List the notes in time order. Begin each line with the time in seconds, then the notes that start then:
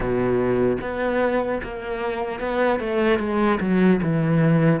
0.00 B2
0.81 B3
1.63 A#3
2.40 B3
2.79 A3
3.19 G#3
3.60 F#3
4.02 E3